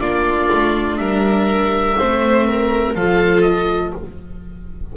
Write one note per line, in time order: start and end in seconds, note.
0.00 0.49 A#3
0.00 1.97 D4
0.00 0.99 F4
0.00 0.97 D5
0.52 0.98 A3
0.97 1.96 G3
0.97 1.97 A#4
0.97 2.93 E5
1.97 2.95 A3
1.97 2.95 C4
1.97 2.47 C5
2.47 2.95 A#4
2.95 3.93 F3
2.95 3.96 F4
2.95 3.94 A4
2.95 3.41 F5
3.41 3.91 D#5